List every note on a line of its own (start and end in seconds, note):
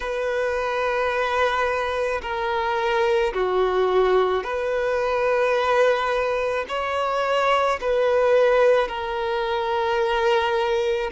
0.00 2.21 B4
2.22 3.33 A#4
3.33 4.43 F#4
4.43 6.65 B4
6.68 7.79 C#5
7.80 8.88 B4
8.88 11.10 A#4